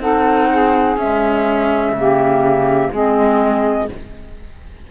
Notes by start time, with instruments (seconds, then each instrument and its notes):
0.00 cello C4, clarinet D#4, saxophone A4, flute F#5
0.52 saxophone G#4
0.97 clarinet G#3, cello C#4, flute E5
1.92 cello C#3, clarinet A#3, saxophone G4
2.92 cello G#3, clarinet C4, saxophone G#4, flute D#5